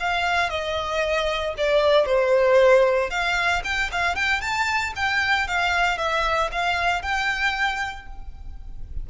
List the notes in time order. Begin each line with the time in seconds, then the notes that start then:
0.00 F5
0.50 D#5
1.58 D5
2.06 C5
3.10 F5
3.64 G5
3.92 F5
4.16 G5
4.41 A5
4.96 G5
5.48 F5
5.98 E5
6.52 F5
7.02 G5